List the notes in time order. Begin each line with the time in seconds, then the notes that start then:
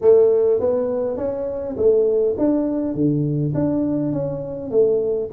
0.01 A3
0.60 B3
1.17 C#4
1.76 A3
2.38 D4
2.94 D3
3.54 D4
4.12 C#4
4.70 A3